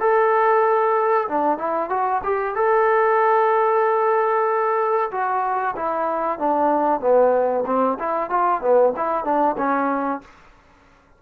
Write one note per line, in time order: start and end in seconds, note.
0.00 1.28 A4
1.28 1.58 D4
1.58 1.89 E4
1.89 2.22 F#4
2.24 2.55 G4
2.55 5.11 A4
5.11 5.75 F#4
5.76 6.39 E4
6.39 7.00 D4
7.00 7.64 B3
7.66 7.98 C4
7.99 8.30 E4
8.30 8.61 F4
8.61 8.93 B3
8.97 9.24 E4
9.24 9.56 D4
9.57 10.21 C#4